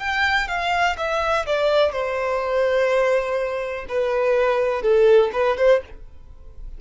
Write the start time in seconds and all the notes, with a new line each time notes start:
0.00 G5
0.48 F5
0.98 E5
1.47 D5
1.93 C5
3.89 B4
4.83 A4
5.33 B4
5.57 C5